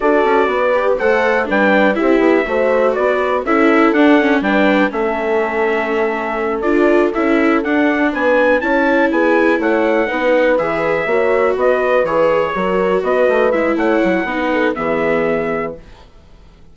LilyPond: <<
  \new Staff \with { instrumentName = "trumpet" } { \time 4/4 \tempo 4 = 122 d''2 fis''4 g''4 | e''2 d''4 e''4 | fis''4 g''4 e''2~ | e''4. d''4 e''4 fis''8~ |
fis''8 gis''4 a''4 gis''4 fis''8~ | fis''4. e''2 dis''8~ | dis''8 cis''2 dis''4 e''8 | fis''2 e''2 | }
  \new Staff \with { instrumentName = "horn" } { \time 4/4 a'4 b'4 c''4 b'4 | g'4 c''4 b'4 a'4~ | a'4 b'4 a'2~ | a'1~ |
a'8 b'4 cis''4 gis'4 cis''8~ | cis''8 b'2 cis''4 b'8~ | b'4. ais'4 b'4. | cis''4 b'8 a'8 gis'2 | }
  \new Staff \with { instrumentName = "viola" } { \time 4/4 fis'4. g'8 a'4 d'4 | e'4 fis'2 e'4 | d'8 cis'8 d'4 cis'2~ | cis'4. f'4 e'4 d'8~ |
d'4. e'2~ e'8~ | e'8 dis'4 gis'4 fis'4.~ | fis'8 gis'4 fis'2 e'8~ | e'4 dis'4 b2 | }
  \new Staff \with { instrumentName = "bassoon" } { \time 4/4 d'8 cis'8 b4 a4 g4 | c'8 b8 a4 b4 cis'4 | d'4 g4 a2~ | a4. d'4 cis'4 d'8~ |
d'8 b4 cis'4 b4 a8~ | a8 b4 e4 ais4 b8~ | b8 e4 fis4 b8 a8 gis8 | a8 fis8 b4 e2 | }
>>